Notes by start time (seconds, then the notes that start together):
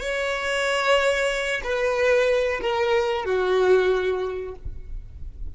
0.00 C#5
1.64 B4
2.61 A#4
3.25 F#4